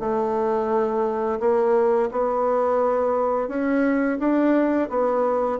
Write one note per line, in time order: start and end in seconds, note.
0.00 1.40 A3
1.40 2.10 A#3
2.12 3.49 B3
3.49 4.18 C#4
4.20 4.89 D4
4.90 5.59 B3